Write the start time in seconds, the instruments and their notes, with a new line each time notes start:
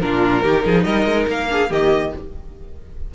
0.00 cello A#2, viola D4, violin F4 A#4
0.43 cello D#3, viola D#4, violin G4
0.65 cello F3, violin G#4
0.83 cello G3, violin A#4 D#5
1.05 cello G#3
1.28 cello A#3, violin F5
1.49 viola D4, violin G#4
1.70 cello D#3, viola A#3, violin G4 D#5